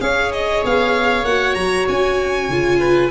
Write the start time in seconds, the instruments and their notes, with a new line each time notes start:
0.00 tuba C#4, viola G#4, oboe C#5, violin F5
0.32 violin D#5
0.64 tuba B3, violin F5
1.24 tuba A#3, viola F#4, violin F#5
1.54 tuba F#3, violin A#5
1.88 tuba C#4, violin G#5
2.48 tuba C#3, viola F4
2.79 oboe B4